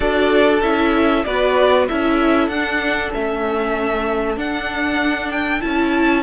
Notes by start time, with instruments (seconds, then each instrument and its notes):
0.00 cello D4, viola F#4, violin A4 D5
0.62 cello C#4, viola E4, violin E5
1.24 cello B3, viola F#4, violin B4 D5
1.88 cello C#4, viola E4, violin A4 E5
2.48 cello D4, viola D4, violin F#5
3.13 cello A3, viola C#4, violin E5
4.36 cello D4, viola D4, violin F#5
5.31 violin G5
5.60 cello C#4, viola E4, violin A5